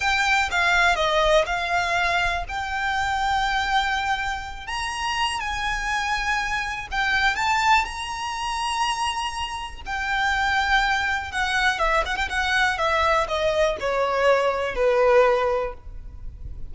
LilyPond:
\new Staff \with { instrumentName = "violin" } { \time 4/4 \tempo 4 = 122 g''4 f''4 dis''4 f''4~ | f''4 g''2.~ | g''4. ais''4. gis''4~ | gis''2 g''4 a''4 |
ais''1 | g''2. fis''4 | e''8 fis''16 g''16 fis''4 e''4 dis''4 | cis''2 b'2 | }